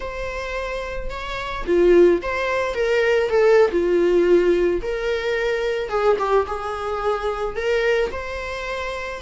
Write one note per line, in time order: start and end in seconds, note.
0.00 1.10 C5
1.10 1.65 C#5
1.66 2.21 F4
2.22 2.74 C5
2.74 3.29 A#4
3.29 3.70 A4
3.71 4.81 F4
4.82 5.89 A#4
5.89 6.17 G#4
6.18 6.46 G4
6.47 7.56 G#4
7.56 8.10 A#4
8.11 9.22 C5